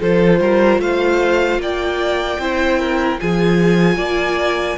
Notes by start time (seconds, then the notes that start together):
0.00 F3 F4 A4 C5
0.40 G3 A#4
0.78 A3 C5 F5
1.58 A#3 D5 G5
2.39 C4 E4 C5
2.80 A#4
3.20 F3 F4 G#4 G#5
3.97 A#3 D5